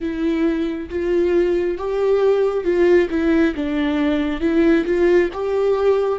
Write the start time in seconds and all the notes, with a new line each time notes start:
0.00 E4
0.89 F4
1.77 G4
2.64 F4
3.10 E4
3.55 D4
4.40 E4
4.85 F4
5.33 G4